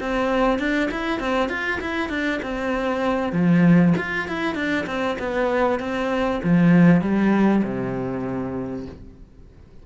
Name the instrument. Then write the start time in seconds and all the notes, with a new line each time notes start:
cello
0.00 C4
0.59 D4
0.92 E4
1.20 C4
1.49 F4
1.81 E4
2.10 D4
2.43 C4
3.33 F3
3.98 F4
4.28 E4
4.55 D4
4.87 C4
5.19 B3
5.80 C4
6.44 F3
7.01 G3
7.64 C3